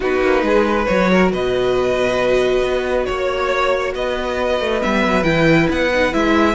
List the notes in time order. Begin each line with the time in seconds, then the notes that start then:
0.00 B3 D#4 F#4 B4
0.21 A#3
0.42 G#3 G#4
0.67 B4
0.85 F#3 F#4 C#5
1.12 A#4
1.32 B2 B4 D#5
2.62 B3
3.05 A#3 C#5
3.94 B3 B4 D#5
4.60 A3
4.80 G3 B3 E5
5.06 F#3
5.23 E3 E4 G5
5.69 B3 F#5
5.93 D#4
6.12 G#3 E4 E5